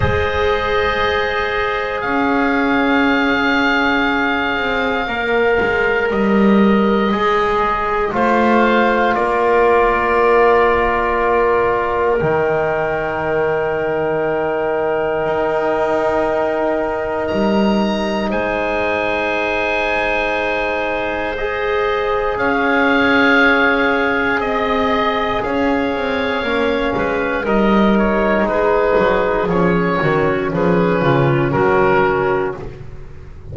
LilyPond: <<
  \new Staff \with { instrumentName = "oboe" } { \time 4/4 \tempo 4 = 59 dis''2 f''2~ | f''2 dis''2 | f''4 d''2. | g''1~ |
g''4 ais''4 gis''2~ | gis''4 dis''4 f''2 | dis''4 f''2 dis''8 cis''8 | b'4 cis''4 b'4 ais'4 | }
  \new Staff \with { instrumentName = "clarinet" } { \time 4/4 c''2 cis''2~ | cis''1 | c''4 ais'2.~ | ais'1~ |
ais'2 c''2~ | c''2 cis''2 | dis''4 cis''4. b'8 ais'4 | gis'4. fis'8 gis'8 f'8 fis'4 | }
  \new Staff \with { instrumentName = "trombone" } { \time 4/4 gis'1~ | gis'4 ais'2 gis'4 | f'1 | dis'1~ |
dis'1~ | dis'4 gis'2.~ | gis'2 cis'4 dis'4~ | dis'4 cis'2. | }
  \new Staff \with { instrumentName = "double bass" } { \time 4/4 gis2 cis'2~ | cis'8 c'8 ais8 gis8 g4 gis4 | a4 ais2. | dis2. dis'4~ |
dis'4 g4 gis2~ | gis2 cis'2 | c'4 cis'8 c'8 ais8 gis8 g4 | gis8 fis8 f8 dis8 f8 cis8 fis4 | }
>>